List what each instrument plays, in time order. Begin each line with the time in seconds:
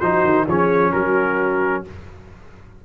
0.00 tuba F3, trombone D#4, horn F#4, trumpet C5
0.24 tuba D#3
0.47 tuba F3, trombone C#4, horn G#4, trumpet C#5
0.92 tuba F#3, horn F#4, trumpet A#4